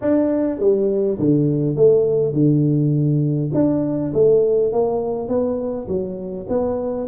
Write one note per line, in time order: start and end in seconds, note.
0.01 0.59 D4
0.59 1.18 G3
1.18 1.75 D3
1.75 2.33 A3
2.33 3.51 D3
3.54 4.13 D4
4.13 4.72 A3
4.72 5.28 A#3
5.28 5.87 B3
5.88 6.47 F#3
6.49 7.07 B3